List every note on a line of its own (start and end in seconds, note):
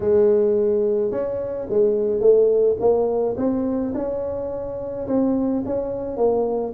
0.00 1.11 G#3
1.11 1.67 C#4
1.69 2.20 G#3
2.20 2.76 A3
2.80 3.36 A#3
3.37 3.93 C4
3.94 5.06 C#4
5.07 5.63 C4
5.65 6.17 C#4
6.17 6.73 A#3